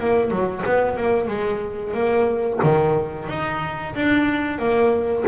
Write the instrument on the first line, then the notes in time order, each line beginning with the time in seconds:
double bass
0.00 A#3
0.31 F#3
0.66 B3
0.97 A#3
1.28 G#3
1.94 A#3
2.63 D#3
3.28 D#4
3.95 D4
4.59 A#3